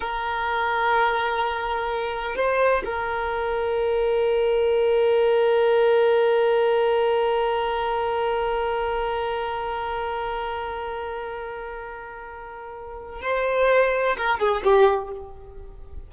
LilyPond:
\new Staff \with { instrumentName = "violin" } { \time 4/4 \tempo 4 = 127 ais'1~ | ais'4 c''4 ais'2~ | ais'1~ | ais'1~ |
ais'1~ | ais'1~ | ais'1 | c''2 ais'8 gis'8 g'4 | }